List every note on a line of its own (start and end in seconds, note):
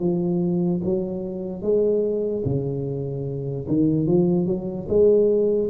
0.00 0.81 F3
0.84 1.62 F#3
1.62 2.43 G#3
2.45 3.67 C#3
3.69 4.07 D#3
4.07 4.47 F3
4.47 4.87 F#3
4.89 5.70 G#3